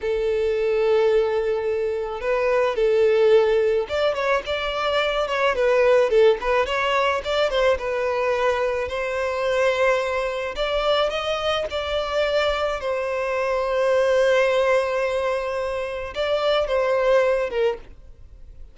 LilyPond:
\new Staff \with { instrumentName = "violin" } { \time 4/4 \tempo 4 = 108 a'1 | b'4 a'2 d''8 cis''8 | d''4. cis''8 b'4 a'8 b'8 | cis''4 d''8 c''8 b'2 |
c''2. d''4 | dis''4 d''2 c''4~ | c''1~ | c''4 d''4 c''4. ais'8 | }